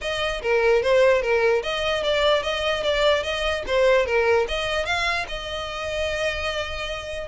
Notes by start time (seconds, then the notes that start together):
0.01 D#5
0.42 A#4
0.82 C5
1.22 A#4
1.62 D#5
2.03 D5
2.43 D#5
2.83 D5
3.23 D#5
3.66 C5
4.05 A#4
4.48 D#5
4.85 F5
5.28 D#5